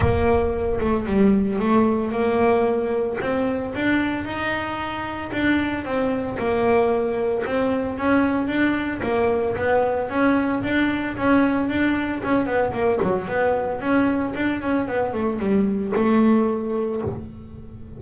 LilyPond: \new Staff \with { instrumentName = "double bass" } { \time 4/4 \tempo 4 = 113 ais4. a8 g4 a4 | ais2 c'4 d'4 | dis'2 d'4 c'4 | ais2 c'4 cis'4 |
d'4 ais4 b4 cis'4 | d'4 cis'4 d'4 cis'8 b8 | ais8 fis8 b4 cis'4 d'8 cis'8 | b8 a8 g4 a2 | }